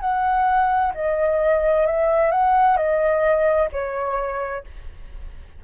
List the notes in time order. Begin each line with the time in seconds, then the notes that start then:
0.00 F#5
0.94 D#5
1.86 E5
2.31 F#5
2.77 D#5
3.72 C#5